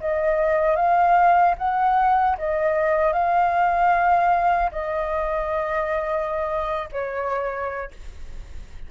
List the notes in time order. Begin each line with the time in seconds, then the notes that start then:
0.00 D#5
0.76 F5
1.58 F#5
2.38 D#5
3.13 F5
4.72 D#5
6.92 C#5